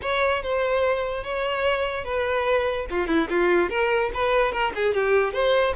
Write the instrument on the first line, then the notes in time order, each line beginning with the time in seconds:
violin
0.01 C#5
0.42 C5
1.23 C#5
2.04 B4
2.90 F4
3.07 E4
3.29 F4
3.69 A#4
4.14 B4
4.51 A#4
4.75 G#4
4.93 G4
5.33 C5